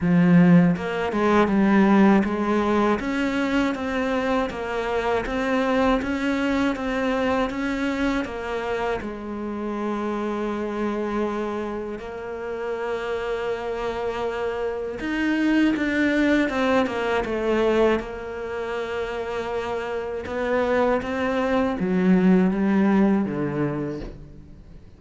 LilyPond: \new Staff \with { instrumentName = "cello" } { \time 4/4 \tempo 4 = 80 f4 ais8 gis8 g4 gis4 | cis'4 c'4 ais4 c'4 | cis'4 c'4 cis'4 ais4 | gis1 |
ais1 | dis'4 d'4 c'8 ais8 a4 | ais2. b4 | c'4 fis4 g4 d4 | }